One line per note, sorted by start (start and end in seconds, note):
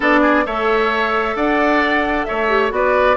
0.00 0.46 B3
0.00 0.46 D4
0.00 0.20 A4
0.00 0.46 D5
0.21 0.44 G#4
0.46 1.35 A3
0.46 2.48 A4
0.46 1.36 C#5
0.46 1.36 E5
1.35 2.26 D4
1.35 2.27 D5
1.35 2.24 F#5
2.24 2.71 A3
2.24 2.73 C#5
2.24 2.70 E5
2.48 2.70 G4
2.70 3.16 B3
2.70 3.15 F#4
2.70 3.17 B4
2.70 3.17 D5